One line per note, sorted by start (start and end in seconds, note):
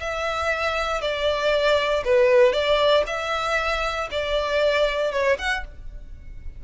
0.00 1.01 E5
1.01 2.04 D5
2.05 2.53 B4
2.53 3.04 D5
3.07 4.09 E5
4.11 5.12 D5
5.12 5.37 C#5
5.38 5.64 F#5